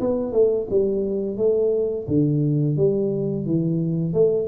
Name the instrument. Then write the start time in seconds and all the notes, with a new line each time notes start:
tuba
0.00 B3
0.32 A3
0.70 G3
1.37 A3
2.08 D3
2.77 G3
3.46 E3
4.13 A3